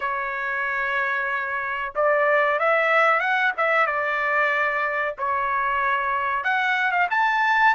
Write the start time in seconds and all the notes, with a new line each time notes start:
0.00 C#5
1.95 D5
2.59 E5
3.19 F#5
3.57 E5
3.86 D5
5.18 C#5
6.43 F#5
6.91 F5
7.10 A5